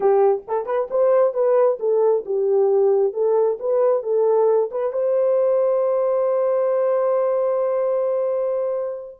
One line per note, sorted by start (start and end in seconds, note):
0.00 0.42 G4
0.47 0.66 A4
0.66 0.88 B4
0.90 1.33 C5
1.33 1.78 B4
1.79 2.24 A4
2.25 3.13 G4
3.13 3.57 A4
3.59 4.02 B4
4.02 4.70 A4
4.71 4.92 B4
4.92 9.18 C5